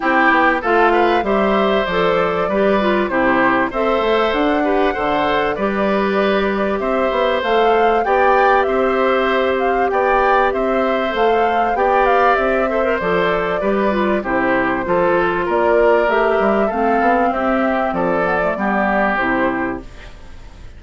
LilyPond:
<<
  \new Staff \with { instrumentName = "flute" } { \time 4/4 \tempo 4 = 97 g''4 f''4 e''4 d''4~ | d''4 c''4 e''4 fis''4~ | fis''4 d''2 e''4 | f''4 g''4 e''4. f''8 |
g''4 e''4 f''4 g''8 f''8 | e''4 d''2 c''4~ | c''4 d''4 e''4 f''4 | e''4 d''2 c''4 | }
  \new Staff \with { instrumentName = "oboe" } { \time 4/4 g'4 a'8 b'8 c''2 | b'4 g'4 c''4. b'8 | c''4 b'2 c''4~ | c''4 d''4 c''2 |
d''4 c''2 d''4~ | d''8 c''4. b'4 g'4 | a'4 ais'2 a'4 | g'4 a'4 g'2 | }
  \new Staff \with { instrumentName = "clarinet" } { \time 4/4 e'4 f'4 g'4 a'4 | g'8 f'8 e'4 a'4. g'8 | a'4 g'2. | a'4 g'2.~ |
g'2 a'4 g'4~ | g'8 a'16 ais'16 a'4 g'8 f'8 e'4 | f'2 g'4 c'4~ | c'4. b16 a16 b4 e'4 | }
  \new Staff \with { instrumentName = "bassoon" } { \time 4/4 c'8 b8 a4 g4 f4 | g4 c4 c'8 a8 d'4 | d4 g2 c'8 b8 | a4 b4 c'2 |
b4 c'4 a4 b4 | c'4 f4 g4 c4 | f4 ais4 a8 g8 a8 b8 | c'4 f4 g4 c4 | }
>>